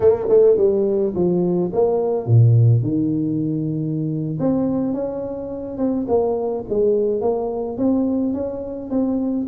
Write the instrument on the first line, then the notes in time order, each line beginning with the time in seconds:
tuba
0.00 A#3
0.29 A3
0.57 G3
1.15 F3
1.73 A#3
2.26 A#2
2.82 D#3
4.39 C4
4.93 C#4
5.77 C4
6.07 A#3
6.69 G#3
7.21 A#3
7.77 C4
8.33 C#4
8.90 C4